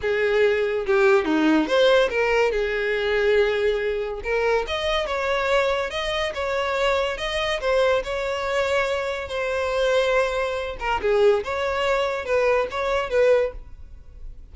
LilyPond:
\new Staff \with { instrumentName = "violin" } { \time 4/4 \tempo 4 = 142 gis'2 g'4 dis'4 | c''4 ais'4 gis'2~ | gis'2 ais'4 dis''4 | cis''2 dis''4 cis''4~ |
cis''4 dis''4 c''4 cis''4~ | cis''2 c''2~ | c''4. ais'8 gis'4 cis''4~ | cis''4 b'4 cis''4 b'4 | }